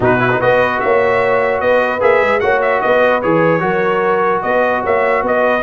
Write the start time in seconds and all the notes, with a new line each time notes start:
0.00 B2 D#4 F#4 B4
0.19 E4
0.31 D#4
0.39 B3 F#4 B4 D#5
0.80 A#3 C#5 E5
1.60 B3 B4 D#5
2.00 A#3 G#4 E5
2.21 G#3
2.40 A#3 F#4 C#5 F#5
2.61 E5
2.81 B3 B4 D#5
3.21 E3 G#4 C#5
3.60 F#3 F#4 A#4
4.42 B3 B4 D#5
4.82 A#3 C#5 E5
5.22 B3 B4 D#5